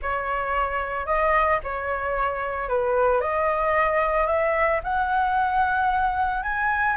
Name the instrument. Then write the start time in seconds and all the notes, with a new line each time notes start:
flute
0.02 C#5
1.06 D#5
1.63 C#5
2.68 B4
3.20 D#5
4.27 E5
4.83 F#5
6.42 G#5